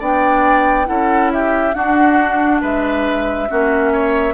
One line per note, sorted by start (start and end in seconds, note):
0.00 0.88 B3
0.00 0.86 D4
0.00 0.87 D5
0.00 0.87 G5
0.86 1.75 C#4
0.86 1.73 E4
0.86 1.33 A4
0.86 1.31 F#5
1.33 1.76 G4
1.33 1.74 E5
1.74 3.48 D4
1.74 2.62 D4
1.74 2.62 F#4
1.74 2.61 F#5
2.62 3.49 G#3
2.62 3.49 B4
2.62 4.34 E5
3.49 4.34 A#3
3.49 4.34 C#4
3.49 3.93 F#4
3.93 4.34 C#5